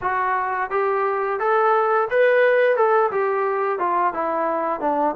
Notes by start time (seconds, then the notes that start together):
0.01 F#4
0.70 G4
1.39 A4
2.10 B4
2.76 A4
3.11 G4
3.79 F4
4.13 E4
4.80 D4